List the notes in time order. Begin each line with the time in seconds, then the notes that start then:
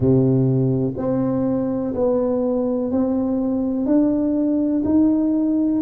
0.00 C3
0.97 C4
1.94 B3
2.91 C4
3.86 D4
4.84 D#4